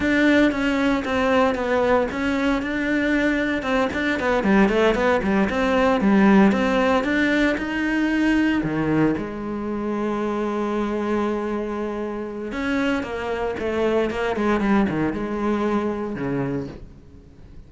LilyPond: \new Staff \with { instrumentName = "cello" } { \time 4/4 \tempo 4 = 115 d'4 cis'4 c'4 b4 | cis'4 d'2 c'8 d'8 | b8 g8 a8 b8 g8 c'4 g8~ | g8 c'4 d'4 dis'4.~ |
dis'8 dis4 gis2~ gis8~ | gis1 | cis'4 ais4 a4 ais8 gis8 | g8 dis8 gis2 cis4 | }